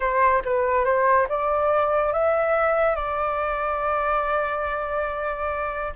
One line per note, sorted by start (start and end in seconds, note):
0.00 0.42 C5
0.45 0.84 B4
0.84 1.27 C5
1.28 2.12 D5
2.12 2.95 E5
2.95 5.93 D5